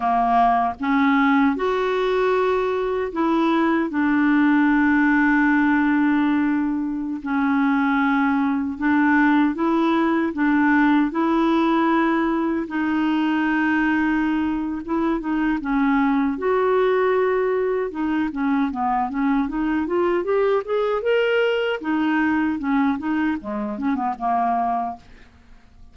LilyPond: \new Staff \with { instrumentName = "clarinet" } { \time 4/4 \tempo 4 = 77 ais4 cis'4 fis'2 | e'4 d'2.~ | d'4~ d'16 cis'2 d'8.~ | d'16 e'4 d'4 e'4.~ e'16~ |
e'16 dis'2~ dis'8. e'8 dis'8 | cis'4 fis'2 dis'8 cis'8 | b8 cis'8 dis'8 f'8 g'8 gis'8 ais'4 | dis'4 cis'8 dis'8 gis8 cis'16 b16 ais4 | }